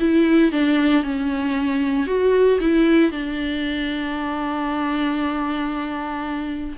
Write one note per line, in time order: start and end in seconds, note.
0.00 0.52 E4
0.52 1.04 D4
1.04 2.07 C#4
2.07 2.59 F#4
2.60 3.12 E4
3.12 6.77 D4